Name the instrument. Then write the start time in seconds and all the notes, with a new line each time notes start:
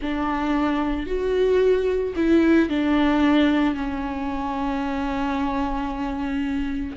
viola
0.01 D4
1.06 F#4
2.16 E4
2.69 D4
3.75 C#4